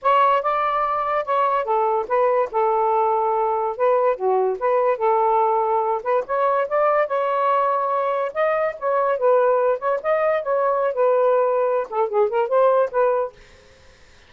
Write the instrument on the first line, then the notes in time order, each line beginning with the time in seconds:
saxophone
0.02 C#5
0.42 D5
1.25 C#5
1.64 A4
2.08 B4
2.51 A4
3.76 B4
4.16 F#4
4.59 B4
4.97 A4
6.03 B4
6.26 C#5
6.68 D5
7.07 C#5
8.34 D#5
8.79 C#5
9.17 B4
9.78 C#5
10.02 D#5
10.42 C#5
10.93 B4
11.89 A4
12.09 G#4
12.29 A#4
12.48 C5
12.91 B4